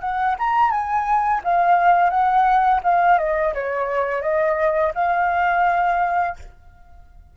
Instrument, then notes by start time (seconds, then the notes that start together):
flute
0.00 F#5
0.39 A#5
0.70 G#5
1.44 F5
2.10 F#5
2.83 F5
3.18 D#5
3.54 C#5
4.22 D#5
4.95 F5